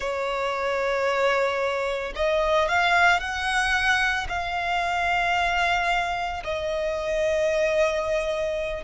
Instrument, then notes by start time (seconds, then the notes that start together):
violin
0.00 C#5
2.15 D#5
2.68 F5
3.19 F#5
4.29 F5
6.44 D#5